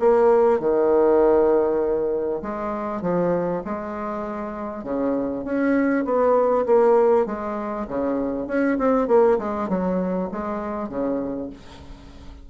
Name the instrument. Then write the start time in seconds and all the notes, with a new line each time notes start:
bassoon
0.00 A#3
0.60 D#3
2.42 G#3
3.02 F3
3.65 G#3
4.84 C#3
5.44 C#4
6.05 B3
6.66 A#3
7.26 G#3
7.88 C#3
8.47 C#4
8.78 C4
9.08 A#3
9.39 G#3
9.69 F#3
10.32 G#3
10.89 C#3